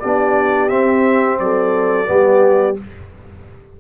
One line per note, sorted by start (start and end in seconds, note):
0.00 0.71 B3
0.00 0.69 D4
0.00 1.40 G4
0.00 0.69 D5
0.69 2.05 C4
0.69 1.40 C4
0.69 1.38 E5
1.39 2.09 F#3
1.39 2.11 A4
1.39 2.77 D5
2.05 2.78 G3
2.05 2.74 B3
2.05 2.80 G4